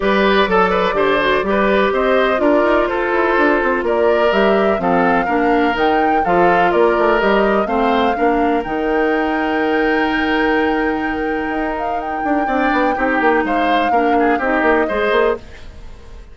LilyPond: <<
  \new Staff \with { instrumentName = "flute" } { \time 4/4 \tempo 4 = 125 d''1 | dis''4 d''4 c''2 | d''4 e''4 f''2 | g''4 f''4 d''4 dis''4 |
f''2 g''2~ | g''1~ | g''8 f''8 g''2. | f''2 dis''2 | }
  \new Staff \with { instrumentName = "oboe" } { \time 4/4 b'4 a'8 b'8 c''4 b'4 | c''4 ais'4 a'2 | ais'2 a'4 ais'4~ | ais'4 a'4 ais'2 |
c''4 ais'2.~ | ais'1~ | ais'2 d''4 g'4 | c''4 ais'8 gis'8 g'4 c''4 | }
  \new Staff \with { instrumentName = "clarinet" } { \time 4/4 g'4 a'4 g'8 fis'8 g'4~ | g'4 f'2.~ | f'4 g'4 c'4 d'4 | dis'4 f'2 g'4 |
c'4 d'4 dis'2~ | dis'1~ | dis'2 d'4 dis'4~ | dis'4 d'4 dis'4 gis'4 | }
  \new Staff \with { instrumentName = "bassoon" } { \time 4/4 g4 fis4 d4 g4 | c'4 d'8 dis'8 f'8 e'8 d'8 c'8 | ais4 g4 f4 ais4 | dis4 f4 ais8 a8 g4 |
a4 ais4 dis2~ | dis1 | dis'4. d'8 c'8 b8 c'8 ais8 | gis4 ais4 c'8 ais8 gis8 ais8 | }
>>